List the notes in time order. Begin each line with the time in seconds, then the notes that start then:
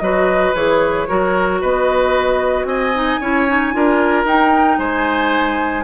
0.00 F#3 F#4 B4 D#5
0.54 E3 G#4 C#5
1.08 F#3 F#4 A#4
1.61 B3 B4 D#5
2.64 C4 D#5 G#5
2.94 D#4
3.20 C#4 E4 C#5
3.48 D#4
3.73 D4 F4 A#4
4.24 D#4 G5
4.78 G#3 C5 G#5